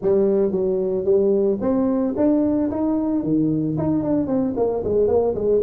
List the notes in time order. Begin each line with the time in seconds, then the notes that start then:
0.01 G3
0.51 F#3
1.04 G3
1.60 C4
2.16 D4
2.70 D#4
3.23 D#3
3.77 D#4
4.02 D4
4.27 C4
4.56 A#3
4.84 G#3
5.07 A#3
5.34 G#3